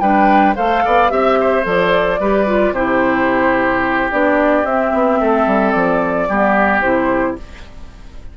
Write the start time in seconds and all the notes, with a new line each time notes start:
0.00 G3 D4 B4 G5
0.56 A3 A4 C5 F5
0.85 B3 D5
1.10 C4 G4 E5
1.40 C5
1.63 F3 A4 D5
2.20 G3 G4 B4
2.47 F4
2.72 C3 E4 G4 C5
4.11 B3 D4 D5
4.64 C4 E5
4.93 B3
5.21 A3 A4
5.47 G3
5.72 F3 D5
6.29 G3 B3 G4
6.81 C3 E4 C5